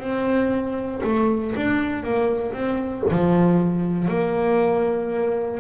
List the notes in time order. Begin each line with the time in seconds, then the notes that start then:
0.00 C4
1.04 A3
1.56 D4
2.03 A#3
2.53 C4
3.11 F3
4.09 A#3